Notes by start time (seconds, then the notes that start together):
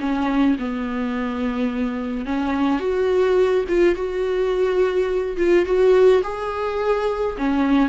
0.00 C#4
0.59 B3
2.25 C#4
2.80 F#4
3.68 F4
3.95 F#4
5.37 F4
5.66 F#4
6.23 G#4
7.37 C#4